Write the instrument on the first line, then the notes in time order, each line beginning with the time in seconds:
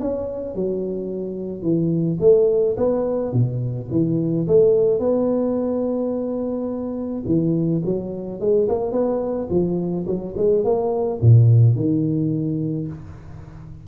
tuba
0.00 C#4
0.55 F#3
1.62 E3
2.20 A3
2.77 B3
3.32 B2
3.91 E3
4.47 A3
4.99 B3
7.25 E3
7.84 F#3
8.40 G#3
8.68 A#3
8.92 B3
9.49 F3
10.06 F#3
10.36 G#3
10.64 A#3
11.21 A#2
11.75 D#3